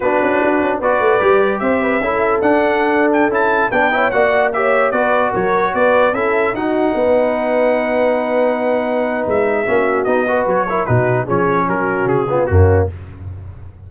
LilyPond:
<<
  \new Staff \with { instrumentName = "trumpet" } { \time 4/4 \tempo 4 = 149 b'2 d''2 | e''2 fis''4.~ fis''16 g''16~ | g''16 a''4 g''4 fis''4 e''8.~ | e''16 d''4 cis''4 d''4 e''8.~ |
e''16 fis''2.~ fis''8.~ | fis''2. e''4~ | e''4 dis''4 cis''4 b'4 | cis''4 ais'4 gis'4 fis'4 | }
  \new Staff \with { instrumentName = "horn" } { \time 4/4 fis'2 b'2 | c''8 b'8 a'2.~ | a'4~ a'16 b'8 cis''8 d''4 cis''8.~ | cis''16 b'4 ais'4 b'4 a'8.~ |
a'16 fis'4 b'2~ b'8.~ | b'1 | fis'4. b'4 ais'8 fis'4 | gis'4 fis'4. f'8 cis'4 | }
  \new Staff \with { instrumentName = "trombone" } { \time 4/4 d'2 fis'4 g'4~ | g'4 e'4 d'2~ | d'16 e'4 d'8 e'8 fis'4 g'8.~ | g'16 fis'2. e'8.~ |
e'16 dis'2.~ dis'8.~ | dis'1 | cis'4 dis'8 fis'4 e'8 dis'4 | cis'2~ cis'8 b8 ais4 | }
  \new Staff \with { instrumentName = "tuba" } { \time 4/4 b8 cis'8 d'8 cis'8 b8 a8 g4 | c'4 cis'4 d'2~ | d'16 cis'4 b4 ais4.~ ais16~ | ais16 b4 fis4 b4 cis'8.~ |
cis'16 dis'4 b2~ b8.~ | b2. gis4 | ais4 b4 fis4 b,4 | f4 fis4 cis4 fis,4 | }
>>